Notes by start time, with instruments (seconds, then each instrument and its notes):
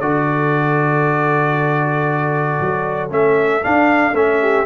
0.00 tuba D3, trombone F#4, horn A4, trumpet D5
2.60 tuba F#3
3.10 tuba A3, trombone C#4, trumpet E5
3.62 trombone D4, tuba D4, trumpet F5
4.13 tuba A3, trombone C#4, trumpet E5
4.41 horn G4